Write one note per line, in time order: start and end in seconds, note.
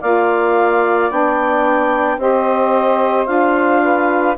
0.00 1.11 A#3
0.00 1.10 F4
0.00 2.18 D5
0.00 1.11 F5
1.10 2.18 B3
1.10 2.19 D4
1.10 2.20 G5
2.18 3.27 C4
2.18 3.25 G4
2.18 3.83 C5
2.18 3.26 D#5
3.25 4.37 D4
3.25 4.35 F4
3.25 4.35 F5
3.83 4.37 B4